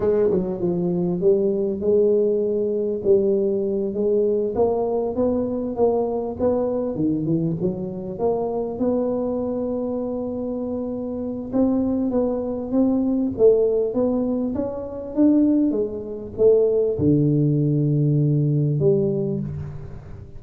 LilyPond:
\new Staff \with { instrumentName = "tuba" } { \time 4/4 \tempo 4 = 99 gis8 fis8 f4 g4 gis4~ | gis4 g4. gis4 ais8~ | ais8 b4 ais4 b4 dis8 | e8 fis4 ais4 b4.~ |
b2. c'4 | b4 c'4 a4 b4 | cis'4 d'4 gis4 a4 | d2. g4 | }